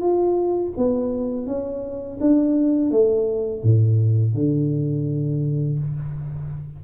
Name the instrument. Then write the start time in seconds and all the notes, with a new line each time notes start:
tuba
0.00 F4
0.77 B3
1.46 C#4
2.20 D4
2.91 A3
3.63 A2
4.34 D3